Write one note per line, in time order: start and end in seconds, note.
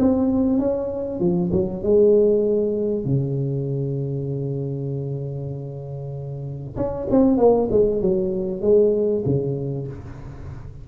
0.00 0.59 C4
0.59 1.20 C#4
1.20 1.51 F3
1.53 1.83 F#3
1.83 3.05 G#3
3.05 6.76 C#3
6.77 7.08 C#4
7.11 7.38 C4
7.38 7.69 A#3
7.71 8.02 G#3
8.02 8.62 F#3
8.62 9.24 G#3
9.26 9.88 C#3